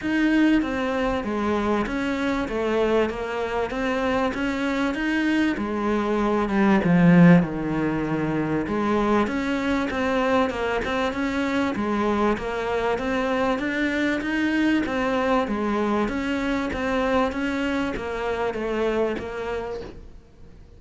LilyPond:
\new Staff \with { instrumentName = "cello" } { \time 4/4 \tempo 4 = 97 dis'4 c'4 gis4 cis'4 | a4 ais4 c'4 cis'4 | dis'4 gis4. g8 f4 | dis2 gis4 cis'4 |
c'4 ais8 c'8 cis'4 gis4 | ais4 c'4 d'4 dis'4 | c'4 gis4 cis'4 c'4 | cis'4 ais4 a4 ais4 | }